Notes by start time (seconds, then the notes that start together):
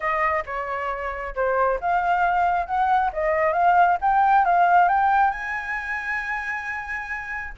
0.00 D#5
0.45 C#5
1.35 C5
1.80 F5
2.66 F#5
3.12 D#5
3.53 F5
4.01 G5
4.45 F5
4.88 G5
5.31 G#5